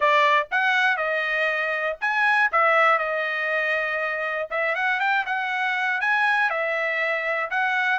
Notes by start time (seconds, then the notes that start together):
0.00 D5
0.51 F#5
0.96 D#5
2.00 G#5
2.51 E5
2.98 D#5
4.50 E5
4.75 F#5
5.00 G5
5.25 F#5
6.00 G#5
6.50 E5
7.50 F#5